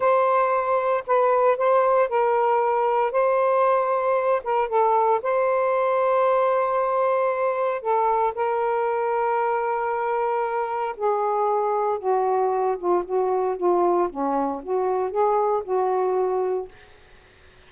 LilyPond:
\new Staff \with { instrumentName = "saxophone" } { \time 4/4 \tempo 4 = 115 c''2 b'4 c''4 | ais'2 c''2~ | c''8 ais'8 a'4 c''2~ | c''2. a'4 |
ais'1~ | ais'4 gis'2 fis'4~ | fis'8 f'8 fis'4 f'4 cis'4 | fis'4 gis'4 fis'2 | }